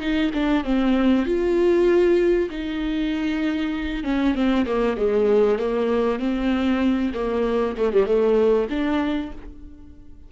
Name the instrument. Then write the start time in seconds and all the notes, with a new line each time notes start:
viola
0.00 D#4
0.33 D4
0.64 C4
1.26 F4
2.50 D#4
4.04 C#4
4.35 C4
4.66 A#3
4.97 G#3
5.59 A#3
6.19 C4
7.14 A#3
7.77 A3
7.93 G3
8.06 A3
8.70 D4